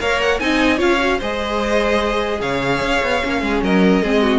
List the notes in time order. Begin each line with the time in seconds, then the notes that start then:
0.00 A#3 A#4 C#5 F5
0.20 F#5
0.39 C4 D#4 D#5 G#5
0.77 C#4 F4 C#5 F5
0.99 F#4
1.18 G#3 G#4 C5 D#5
2.41 C#3 C#5 F5
2.81 C#4
3.02 B3
3.23 A#3 C#4
3.41 G#3 G#4
3.62 F#3 A#4 D#5
4.02 G#3 C4 G#4
4.22 F#4